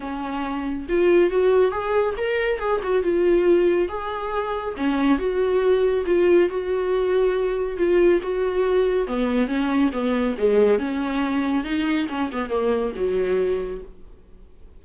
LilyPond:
\new Staff \with { instrumentName = "viola" } { \time 4/4 \tempo 4 = 139 cis'2 f'4 fis'4 | gis'4 ais'4 gis'8 fis'8 f'4~ | f'4 gis'2 cis'4 | fis'2 f'4 fis'4~ |
fis'2 f'4 fis'4~ | fis'4 b4 cis'4 b4 | gis4 cis'2 dis'4 | cis'8 b8 ais4 fis2 | }